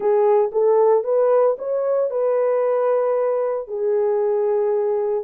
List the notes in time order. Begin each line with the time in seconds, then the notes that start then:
0.00 G#4
0.52 A4
1.04 B4
1.58 C#5
2.10 B4
3.67 G#4